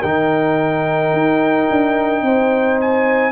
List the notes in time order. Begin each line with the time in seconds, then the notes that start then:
0.00 D#3 D#4 A#4 G5
1.13 D#4
1.71 D4
2.22 C4 C5
2.81 G#5